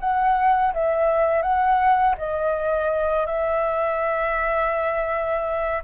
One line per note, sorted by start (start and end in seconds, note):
0.00 0.73 F#5
0.74 1.42 E5
1.42 2.15 F#5
2.18 3.26 D#5
3.26 5.82 E5